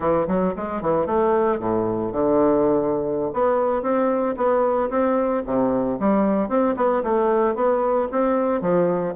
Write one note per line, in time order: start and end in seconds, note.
0.00 0.27 E3
0.27 0.54 F#3
0.56 0.81 G#3
0.81 1.06 E3
1.06 1.59 A3
1.59 2.12 A2
2.12 3.32 D3
3.33 3.82 B3
3.82 4.35 C4
4.36 4.89 B3
4.89 5.43 C4
5.46 5.99 C3
5.99 6.48 G3
6.48 6.75 C4
6.76 7.03 B3
7.03 7.55 A3
7.55 8.08 B3
8.11 8.61 C4
8.61 9.14 F3